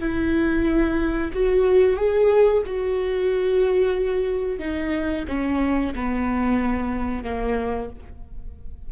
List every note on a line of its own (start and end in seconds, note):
0.00 1.32 E4
1.34 1.97 F#4
1.97 2.63 G#4
2.67 4.59 F#4
4.59 5.25 D#4
5.28 5.94 C#4
5.95 7.24 B3
7.24 7.90 A#3